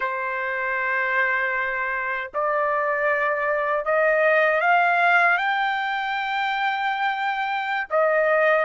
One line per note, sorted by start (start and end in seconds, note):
0.00 2.31 C5
2.34 3.85 D5
3.85 4.60 D#5
4.60 5.37 F5
5.37 7.87 G5
7.90 8.65 D#5